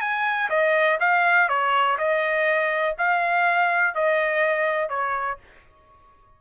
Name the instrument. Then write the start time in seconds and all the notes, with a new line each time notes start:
trumpet
0.00 G#5
0.49 D#5
1.00 F5
1.48 C#5
1.98 D#5
2.98 F5
3.94 D#5
4.89 C#5